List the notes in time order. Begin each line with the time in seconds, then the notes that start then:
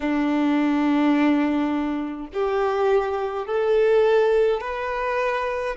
0.00 D4
2.33 G4
3.46 A4
4.60 B4